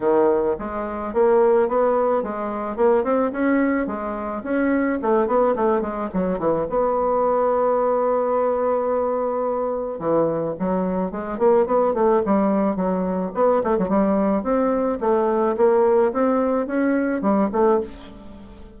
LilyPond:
\new Staff \with { instrumentName = "bassoon" } { \time 4/4 \tempo 4 = 108 dis4 gis4 ais4 b4 | gis4 ais8 c'8 cis'4 gis4 | cis'4 a8 b8 a8 gis8 fis8 e8 | b1~ |
b2 e4 fis4 | gis8 ais8 b8 a8 g4 fis4 | b8 a16 fis16 g4 c'4 a4 | ais4 c'4 cis'4 g8 a8 | }